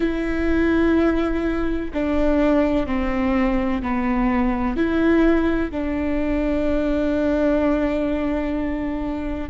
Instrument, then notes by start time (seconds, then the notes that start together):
viola
0.00 E4
1.93 D4
2.86 C4
3.82 B3
4.76 E4
5.71 D4